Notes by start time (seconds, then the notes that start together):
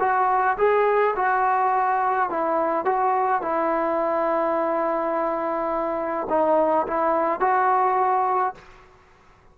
0.00 F#4
0.57 G#4
1.16 F#4
2.30 E4
2.85 F#4
3.42 E4
6.29 D#4
6.87 E4
7.40 F#4